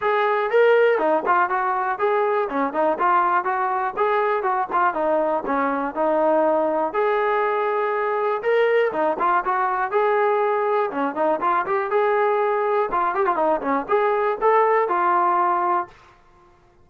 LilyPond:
\new Staff \with { instrumentName = "trombone" } { \time 4/4 \tempo 4 = 121 gis'4 ais'4 dis'8 f'8 fis'4 | gis'4 cis'8 dis'8 f'4 fis'4 | gis'4 fis'8 f'8 dis'4 cis'4 | dis'2 gis'2~ |
gis'4 ais'4 dis'8 f'8 fis'4 | gis'2 cis'8 dis'8 f'8 g'8 | gis'2 f'8 g'16 f'16 dis'8 cis'8 | gis'4 a'4 f'2 | }